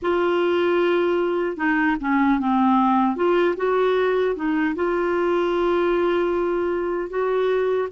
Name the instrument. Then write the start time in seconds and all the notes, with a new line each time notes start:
clarinet
0.01 F4
1.56 D#4
2.00 C#4
2.39 C4
3.15 F4
3.56 F#4
4.35 D#4
4.75 F4
7.09 F#4